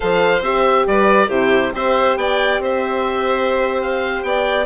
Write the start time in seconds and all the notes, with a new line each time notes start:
0.00 F3 A4 C5 F5
0.41 C4 G4 E5
0.87 G3 B4 D5
1.27 C3 E4 G4 C5
1.72 C4 G4 C5 E5
2.16 B3 D5 G5
2.59 C4 C5 E5
3.82 F5
4.22 B3 D5 G5